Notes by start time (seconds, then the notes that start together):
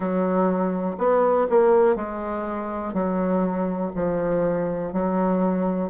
0.00 F#3
0.97 B3
1.49 A#3
1.95 G#3
2.93 F#3
3.95 F3
4.92 F#3